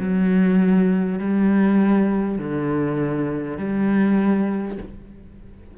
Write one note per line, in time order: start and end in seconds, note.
0.00 1.19 F#3
1.19 2.39 G3
2.39 3.58 D3
3.58 4.78 G3